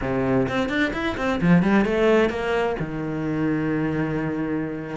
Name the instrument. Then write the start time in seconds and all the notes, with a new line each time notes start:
cello
0.01 C3
0.48 C4
0.69 D4
0.93 E4
1.17 C4
1.41 F3
1.62 G3
1.85 A3
2.29 A#3
2.79 D#3